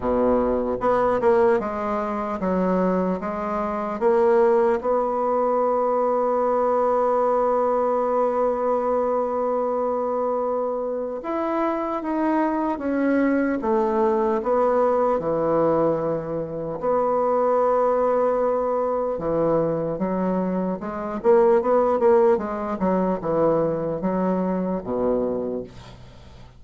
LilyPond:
\new Staff \with { instrumentName = "bassoon" } { \time 4/4 \tempo 4 = 75 b,4 b8 ais8 gis4 fis4 | gis4 ais4 b2~ | b1~ | b2 e'4 dis'4 |
cis'4 a4 b4 e4~ | e4 b2. | e4 fis4 gis8 ais8 b8 ais8 | gis8 fis8 e4 fis4 b,4 | }